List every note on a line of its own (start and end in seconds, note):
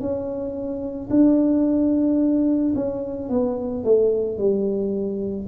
0.00 1.09 C#4
1.10 2.74 D4
2.75 3.30 C#4
3.30 3.84 B3
3.84 4.38 A3
4.38 5.47 G3